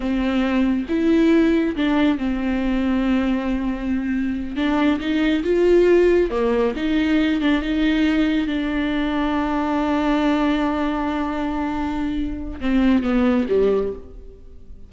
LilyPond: \new Staff \with { instrumentName = "viola" } { \time 4/4 \tempo 4 = 138 c'2 e'2 | d'4 c'2.~ | c'2~ c'8 d'4 dis'8~ | dis'8 f'2 ais4 dis'8~ |
dis'4 d'8 dis'2 d'8~ | d'1~ | d'1~ | d'4 c'4 b4 g4 | }